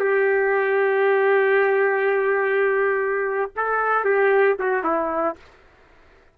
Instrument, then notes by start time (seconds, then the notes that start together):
trumpet
0.00 G4
3.56 A4
4.05 G4
4.60 F#4
4.84 E4